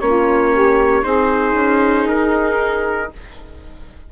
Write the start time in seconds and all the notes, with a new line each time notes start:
0.00 A#3 C#4 F4 C#5
0.53 G4
1.02 C4 D#4 G#4 C5
1.53 C#4
2.08 D#4 A#4